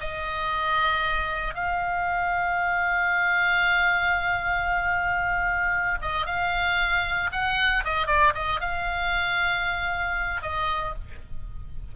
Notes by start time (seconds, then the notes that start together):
0.00 D#5
1.54 F5
6.01 D#5
6.26 F5
7.32 F#5
7.84 D#5
8.07 D5
8.34 D#5
8.60 F5
10.42 D#5